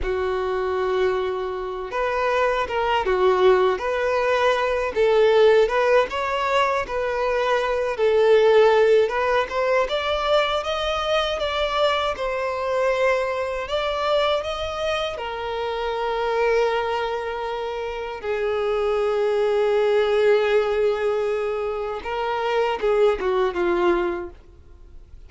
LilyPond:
\new Staff \with { instrumentName = "violin" } { \time 4/4 \tempo 4 = 79 fis'2~ fis'8 b'4 ais'8 | fis'4 b'4. a'4 b'8 | cis''4 b'4. a'4. | b'8 c''8 d''4 dis''4 d''4 |
c''2 d''4 dis''4 | ais'1 | gis'1~ | gis'4 ais'4 gis'8 fis'8 f'4 | }